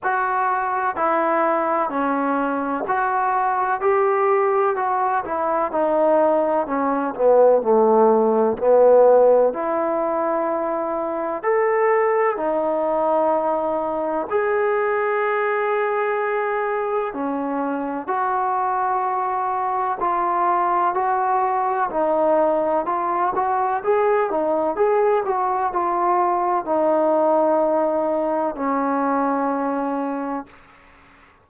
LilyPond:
\new Staff \with { instrumentName = "trombone" } { \time 4/4 \tempo 4 = 63 fis'4 e'4 cis'4 fis'4 | g'4 fis'8 e'8 dis'4 cis'8 b8 | a4 b4 e'2 | a'4 dis'2 gis'4~ |
gis'2 cis'4 fis'4~ | fis'4 f'4 fis'4 dis'4 | f'8 fis'8 gis'8 dis'8 gis'8 fis'8 f'4 | dis'2 cis'2 | }